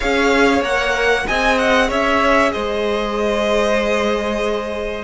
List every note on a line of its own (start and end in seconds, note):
0.00 0.61 C#4
0.00 0.62 G#4
0.00 1.26 C#5
0.00 0.62 F5
0.61 1.24 A#3
0.61 1.26 A#4
0.61 1.27 F#5
1.26 1.90 C4
1.26 5.03 G#4
1.26 1.87 D#5
1.26 1.58 G#5
1.58 1.90 F#5
1.87 2.53 C#4
1.87 2.51 C#5
1.87 2.52 E5
2.52 5.03 G#3
2.52 5.03 C5
2.52 5.03 D#5